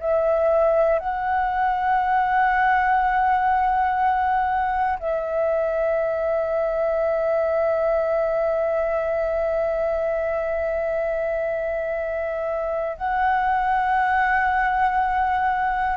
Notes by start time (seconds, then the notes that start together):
0.00 E5
0.99 F#5
5.00 E5
12.97 F#5